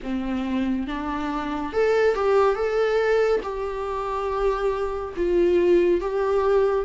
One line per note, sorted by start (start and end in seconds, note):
0.02 0.86 C4
0.86 1.72 D4
1.72 2.14 A4
2.14 2.55 G4
2.55 3.41 A4
3.42 5.14 G4
5.16 6.00 F4
6.00 6.85 G4